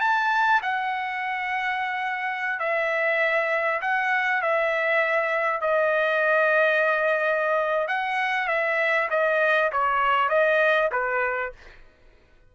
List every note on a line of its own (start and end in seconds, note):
0.00 0.61 A5
0.62 2.59 F#5
2.59 3.80 E5
3.81 4.42 F#5
4.42 5.61 E5
5.61 7.87 D#5
7.87 8.48 F#5
8.48 9.08 E5
9.10 9.71 D#5
9.72 10.29 C#5
10.29 10.90 D#5
10.92 11.52 B4